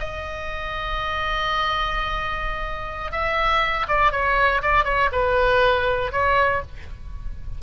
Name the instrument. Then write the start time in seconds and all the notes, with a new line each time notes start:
oboe
0.00 D#5
3.12 E5
3.88 D5
4.12 C#5
4.62 D5
4.85 C#5
5.12 B4
6.12 C#5